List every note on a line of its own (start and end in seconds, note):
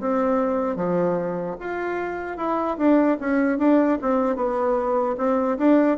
0.00 0.76 C4
0.76 1.56 F3
1.60 2.37 F4
2.37 2.77 E4
2.78 3.18 D4
3.20 3.59 C#4
3.59 3.99 D4
4.02 4.36 C4
4.36 5.16 B3
5.18 5.58 C4
5.58 5.98 D4